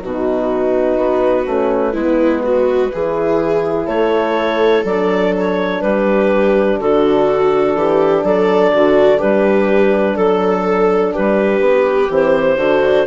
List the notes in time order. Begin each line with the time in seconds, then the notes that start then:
0.00 B2 D#4 F#4 B4
0.97 B3
1.46 A3 C#4
1.92 G#3 B3 E4
2.43 F#4
2.91 E3 E4 G#4
3.86 A3 A4 C#5
4.84 F#3 D4 D5
5.37 C#5
5.81 G3 G4 B4
6.78 D3 F#4 A4
7.74 E3 G4
8.23 F#3 A4 D5
8.74 D3 F#4
9.18 G3 G4 B4
10.16 F#3 A4
11.12 G3 G4 B4
11.60 B3
12.09 E3 C4 C5
12.56 D3 D4 F#4